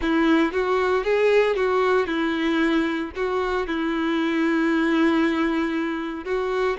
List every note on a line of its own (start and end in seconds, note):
0.01 0.52 E4
0.52 1.04 F#4
1.04 1.56 G#4
1.56 2.06 F#4
2.06 3.11 E4
3.15 3.67 F#4
3.67 6.24 E4
6.24 6.77 F#4